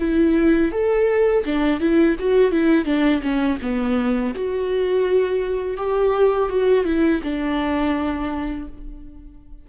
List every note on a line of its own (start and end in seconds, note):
0.00 0.72 E4
0.72 1.45 A4
1.45 1.80 D4
1.80 2.17 E4
2.19 2.52 F#4
2.52 2.86 E4
2.86 3.22 D4
3.23 3.59 C#4
3.62 4.35 B3
4.35 5.78 F#4
5.78 6.50 G4
6.50 6.86 F#4
6.86 7.22 E4
7.23 8.68 D4